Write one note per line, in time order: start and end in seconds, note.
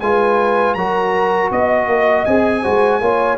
0.00 0.75 G#3
0.00 0.77 F4
0.00 0.77 B4
0.00 0.74 G#5
0.74 1.50 F#3
0.74 2.27 F#4
0.74 1.52 A#4
0.74 1.49 A#5
1.51 1.86 B3
1.51 2.25 D#5
1.51 2.62 D#5
1.86 2.24 A#3
2.25 2.65 C4
2.25 2.63 G#4
2.25 3.37 G#5
2.62 3.00 G#3
2.62 3.01 F#4
2.62 3.00 C5
3.00 3.38 A#3
3.00 3.38 F4
3.00 3.38 C#5